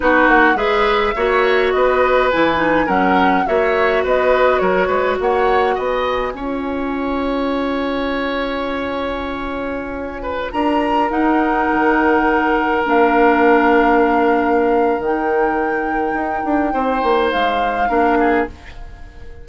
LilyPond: <<
  \new Staff \with { instrumentName = "flute" } { \time 4/4 \tempo 4 = 104 b'8 fis''8 e''2 dis''4 | gis''4 fis''4 e''4 dis''4 | cis''4 fis''4 gis''2~ | gis''1~ |
gis''2~ gis''16 ais''4 fis''8.~ | fis''2~ fis''16 f''4.~ f''16~ | f''2 g''2~ | g''2 f''2 | }
  \new Staff \with { instrumentName = "oboe" } { \time 4/4 fis'4 b'4 cis''4 b'4~ | b'4 ais'4 cis''4 b'4 | ais'8 b'8 cis''4 dis''4 cis''4~ | cis''1~ |
cis''4.~ cis''16 b'8 ais'4.~ ais'16~ | ais'1~ | ais'1~ | ais'4 c''2 ais'8 gis'8 | }
  \new Staff \with { instrumentName = "clarinet" } { \time 4/4 dis'4 gis'4 fis'2 | e'8 dis'8 cis'4 fis'2~ | fis'2. f'4~ | f'1~ |
f'2.~ f'16 dis'8.~ | dis'2~ dis'16 d'4.~ d'16~ | d'2 dis'2~ | dis'2. d'4 | }
  \new Staff \with { instrumentName = "bassoon" } { \time 4/4 b8 ais8 gis4 ais4 b4 | e4 fis4 ais4 b4 | fis8 gis8 ais4 b4 cis'4~ | cis'1~ |
cis'2~ cis'16 d'4 dis'8.~ | dis'16 dis2 ais4.~ ais16~ | ais2 dis2 | dis'8 d'8 c'8 ais8 gis4 ais4 | }
>>